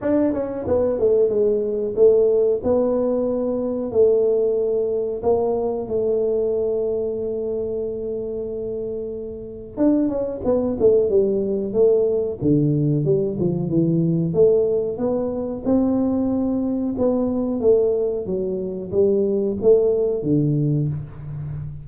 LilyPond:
\new Staff \with { instrumentName = "tuba" } { \time 4/4 \tempo 4 = 92 d'8 cis'8 b8 a8 gis4 a4 | b2 a2 | ais4 a2.~ | a2. d'8 cis'8 |
b8 a8 g4 a4 d4 | g8 f8 e4 a4 b4 | c'2 b4 a4 | fis4 g4 a4 d4 | }